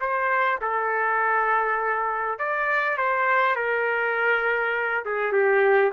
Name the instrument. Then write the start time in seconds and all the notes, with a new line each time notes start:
trumpet
0.00 C5
0.61 A4
2.39 D5
2.97 C5
3.55 A#4
5.05 G#4
5.32 G4